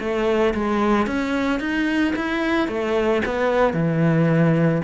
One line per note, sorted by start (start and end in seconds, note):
0.00 0.54 A3
0.54 1.07 G#3
1.07 1.60 C#4
1.60 2.14 D#4
2.16 2.68 E4
2.68 3.22 A3
3.26 3.74 B3
3.74 4.82 E3